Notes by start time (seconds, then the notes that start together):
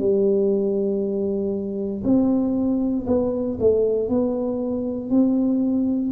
0.00 G3
2.04 C4
3.07 B3
3.61 A3
4.10 B3
5.11 C4